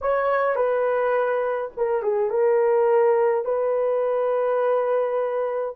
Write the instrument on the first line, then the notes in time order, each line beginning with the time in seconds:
horn
0.01 C#5
0.55 B4
1.76 A#4
2.02 G#4
2.30 A#4
3.45 B4